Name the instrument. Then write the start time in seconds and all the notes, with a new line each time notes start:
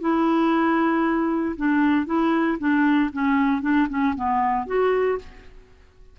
clarinet
0.00 E4
1.56 D4
2.06 E4
2.58 D4
3.13 C#4
3.61 D4
3.89 C#4
4.15 B3
4.66 F#4